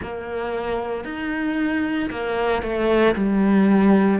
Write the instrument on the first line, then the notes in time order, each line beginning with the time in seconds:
cello
0.01 A#3
1.04 D#4
2.10 A#3
2.62 A3
3.15 G3